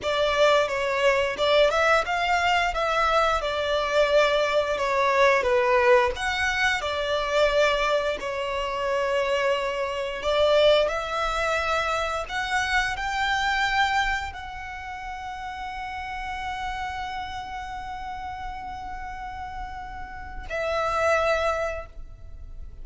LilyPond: \new Staff \with { instrumentName = "violin" } { \time 4/4 \tempo 4 = 88 d''4 cis''4 d''8 e''8 f''4 | e''4 d''2 cis''4 | b'4 fis''4 d''2 | cis''2. d''4 |
e''2 fis''4 g''4~ | g''4 fis''2.~ | fis''1~ | fis''2 e''2 | }